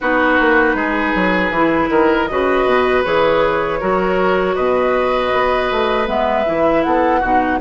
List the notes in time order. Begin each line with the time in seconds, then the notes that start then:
0.00 B3 D#4 F#4 B4
0.40 A#3
0.74 G#3 G#4
1.15 F#3
1.50 E3 E4
1.89 D#3 A#4
2.27 C#3 F#4 B4 D#5
2.65 B2
3.03 E3 G#4 C#5
3.80 F#3 F#4 A#4
4.55 B2 B4 D#5
5.33 B3
5.71 A3
6.06 G#3 B3 E5
6.45 E3 E4
6.83 B3 A4 F#5
7.19 B2 D#4 F#4